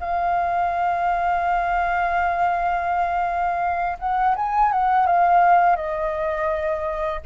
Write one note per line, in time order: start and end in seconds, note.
0.00 3.98 F5
3.99 4.35 F#5
4.36 4.72 G#5
4.72 5.06 F#5
5.06 5.76 F5
5.76 7.21 D#5